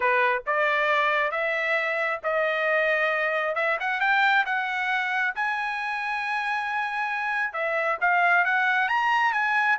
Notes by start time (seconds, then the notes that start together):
0.00 B4
0.46 D5
1.31 E5
2.23 D#5
3.55 E5
3.80 F#5
4.00 G5
4.45 F#5
5.35 G#5
7.53 E5
8.00 F5
8.44 F#5
8.88 A#5
9.32 G#5